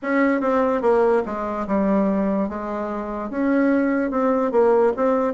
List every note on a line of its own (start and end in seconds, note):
0.02 0.40 C#4
0.40 0.81 C4
0.81 1.22 A#3
1.26 1.67 G#3
1.67 2.48 G3
2.48 3.30 G#3
3.30 4.11 C#4
4.11 4.51 C4
4.51 4.92 A#3
4.96 5.33 C4